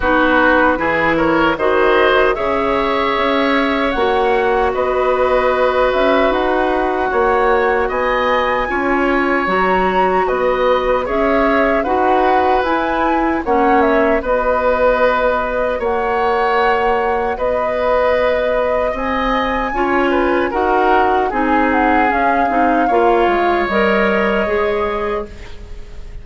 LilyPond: <<
  \new Staff \with { instrumentName = "flute" } { \time 4/4 \tempo 4 = 76 b'4. cis''8 dis''4 e''4~ | e''4 fis''4 dis''4. e''8 | fis''2 gis''2 | ais''4 b'4 e''4 fis''4 |
gis''4 fis''8 e''8 dis''2 | fis''2 dis''2 | gis''2 fis''4 gis''8 fis''8 | f''2 dis''2 | }
  \new Staff \with { instrumentName = "oboe" } { \time 4/4 fis'4 gis'8 ais'8 c''4 cis''4~ | cis''2 b'2~ | b'4 cis''4 dis''4 cis''4~ | cis''4 dis''4 cis''4 b'4~ |
b'4 cis''4 b'2 | cis''2 b'2 | dis''4 cis''8 b'8 ais'4 gis'4~ | gis'4 cis''2. | }
  \new Staff \with { instrumentName = "clarinet" } { \time 4/4 dis'4 e'4 fis'4 gis'4~ | gis'4 fis'2.~ | fis'2. f'4 | fis'2 gis'4 fis'4 |
e'4 cis'4 fis'2~ | fis'1~ | fis'4 f'4 fis'4 dis'4 | cis'8 dis'8 f'4 ais'4 gis'4 | }
  \new Staff \with { instrumentName = "bassoon" } { \time 4/4 b4 e4 dis4 cis4 | cis'4 ais4 b4. cis'8 | dis'4 ais4 b4 cis'4 | fis4 b4 cis'4 dis'4 |
e'4 ais4 b2 | ais2 b2 | c'4 cis'4 dis'4 c'4 | cis'8 c'8 ais8 gis8 g4 gis4 | }
>>